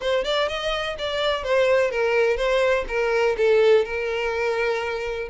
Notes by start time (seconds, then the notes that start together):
0.00 C5
0.24 D5
0.48 D#5
0.98 D5
1.43 C5
1.90 A#4
2.37 C5
2.88 A#4
3.37 A4
3.84 A#4